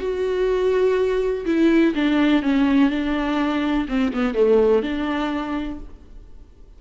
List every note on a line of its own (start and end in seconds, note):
0.00 1.45 F#4
1.46 1.94 E4
1.95 2.42 D4
2.42 2.90 C#4
2.90 3.87 D4
3.88 4.13 C4
4.13 4.34 B3
4.34 4.83 A3
4.83 5.79 D4